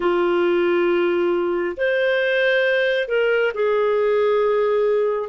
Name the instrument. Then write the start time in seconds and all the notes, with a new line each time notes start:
clarinet
0.00 F4
1.76 C5
3.08 A#4
3.54 G#4